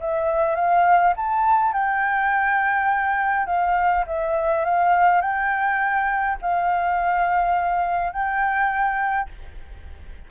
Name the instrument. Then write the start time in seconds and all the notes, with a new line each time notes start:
flute
0.00 E5
0.55 F5
1.16 A5
1.73 G5
3.46 F5
4.07 E5
4.65 F5
5.21 G5
6.42 F5
8.12 G5